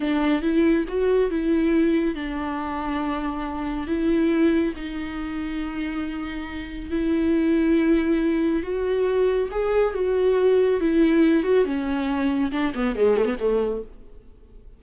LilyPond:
\new Staff \with { instrumentName = "viola" } { \time 4/4 \tempo 4 = 139 d'4 e'4 fis'4 e'4~ | e'4 d'2.~ | d'4 e'2 dis'4~ | dis'1 |
e'1 | fis'2 gis'4 fis'4~ | fis'4 e'4. fis'8 cis'4~ | cis'4 d'8 b8 gis8 a16 b16 a4 | }